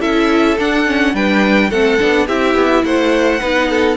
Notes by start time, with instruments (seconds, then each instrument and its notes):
0.00 cello C#4, viola E4, violin A4 E5
0.59 viola D4, cello D4, violin F#5
0.86 viola C#4
1.14 cello G3, viola D4, violin B4 G5
1.70 cello A3, viola C4, violin A4 F#5
1.99 cello B3, viola D4
2.26 cello C4, viola E4, violin G4 E5
2.55 cello B3
2.84 cello A3, violin C5 F#5
3.40 cello B3, viola D#4, violin B4
3.70 violin A4